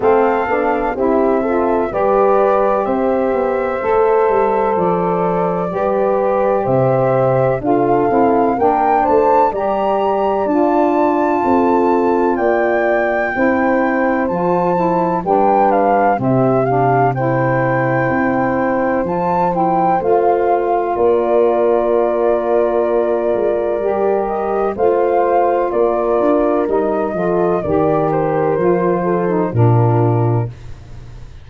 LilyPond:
<<
  \new Staff \with { instrumentName = "flute" } { \time 4/4 \tempo 4 = 63 f''4 e''4 d''4 e''4~ | e''4 d''2 e''4 | f''4 g''8 a''8 ais''4 a''4~ | a''4 g''2 a''4 |
g''8 f''8 e''8 f''8 g''2 | a''8 g''8 f''4 d''2~ | d''4. dis''8 f''4 d''4 | dis''4 d''8 c''4. ais'4 | }
  \new Staff \with { instrumentName = "horn" } { \time 4/4 a'4 g'8 a'8 b'4 c''4~ | c''2 b'4 c''4 | a'4 ais'8 c''8 d''2 | a'4 d''4 c''2 |
b'4 g'4 c''2~ | c''2 ais'2~ | ais'2 c''4 ais'4~ | ais'8 a'8 ais'4. a'8 f'4 | }
  \new Staff \with { instrumentName = "saxophone" } { \time 4/4 c'8 d'8 e'8 f'8 g'2 | a'2 g'2 | f'8 e'8 d'4 g'4 f'4~ | f'2 e'4 f'8 e'8 |
d'4 c'8 d'8 e'2 | f'8 e'8 f'2.~ | f'4 g'4 f'2 | dis'8 f'8 g'4 f'8. dis'16 d'4 | }
  \new Staff \with { instrumentName = "tuba" } { \time 4/4 a8 b8 c'4 g4 c'8 b8 | a8 g8 f4 g4 c4 | d'8 c'8 ais8 a8 g4 d'4 | c'4 ais4 c'4 f4 |
g4 c2 c'4 | f4 a4 ais2~ | ais8 gis8 g4 a4 ais8 d'8 | g8 f8 dis4 f4 ais,4 | }
>>